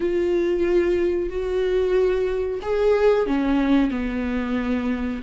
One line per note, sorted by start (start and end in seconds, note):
0.00 1.29 F4
1.29 2.60 F#4
2.62 3.26 G#4
3.26 3.90 C#4
3.90 5.21 B3